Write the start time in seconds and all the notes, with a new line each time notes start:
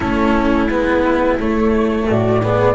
0.00 A3 C#4 E4 A4
0.69 G#3 B3 B4
1.39 A3 C#5
2.08 A2 F#4 D5
2.43 B3 G#4